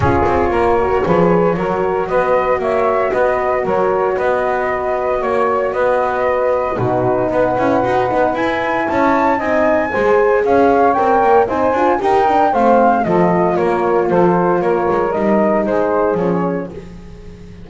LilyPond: <<
  \new Staff \with { instrumentName = "flute" } { \time 4/4 \tempo 4 = 115 cis''1 | dis''4 e''4 dis''4 cis''4 | dis''2 cis''4 dis''4~ | dis''4 b'4 fis''2 |
gis''4 a''4 gis''2 | f''4 g''4 gis''4 g''4 | f''4 dis''4 cis''4 c''4 | cis''4 dis''4 c''4 cis''4 | }
  \new Staff \with { instrumentName = "saxophone" } { \time 4/4 gis'4 ais'4 b'4 ais'4 | b'4 cis''4 b'4 ais'4 | b'2 cis''4 b'4~ | b'4 fis'4 b'2~ |
b'4 cis''4 dis''4 c''4 | cis''2 c''4 ais'4 | c''4 a'4 ais'4 a'4 | ais'2 gis'2 | }
  \new Staff \with { instrumentName = "horn" } { \time 4/4 f'4. fis'8 gis'4 fis'4~ | fis'1~ | fis'1~ | fis'4 dis'4. e'8 fis'8 dis'8 |
e'2 dis'4 gis'4~ | gis'4 ais'4 dis'8 f'8 g'8 d'8 | c'4 f'2.~ | f'4 dis'2 cis'4 | }
  \new Staff \with { instrumentName = "double bass" } { \time 4/4 cis'8 c'8 ais4 f4 fis4 | b4 ais4 b4 fis4 | b2 ais4 b4~ | b4 b,4 b8 cis'8 dis'8 b8 |
e'4 cis'4 c'4 gis4 | cis'4 c'8 ais8 c'8 d'8 dis'4 | a4 f4 ais4 f4 | ais8 gis8 g4 gis4 f4 | }
>>